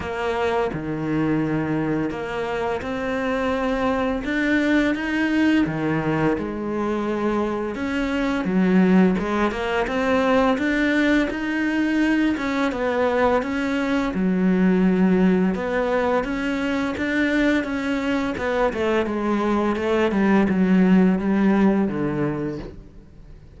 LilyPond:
\new Staff \with { instrumentName = "cello" } { \time 4/4 \tempo 4 = 85 ais4 dis2 ais4 | c'2 d'4 dis'4 | dis4 gis2 cis'4 | fis4 gis8 ais8 c'4 d'4 |
dis'4. cis'8 b4 cis'4 | fis2 b4 cis'4 | d'4 cis'4 b8 a8 gis4 | a8 g8 fis4 g4 d4 | }